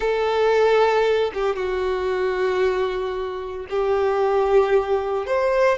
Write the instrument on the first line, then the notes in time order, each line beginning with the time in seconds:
violin
0.00 A4
1.33 G4
1.56 F#4
3.69 G4
5.26 C5